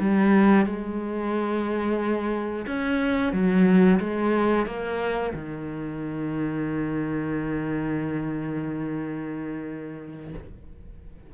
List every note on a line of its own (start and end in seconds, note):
0.00 0.66 G3
0.66 2.66 G#3
2.67 3.33 C#4
3.33 4.00 F#3
4.00 4.66 G#3
4.66 5.33 A#3
5.34 10.34 D#3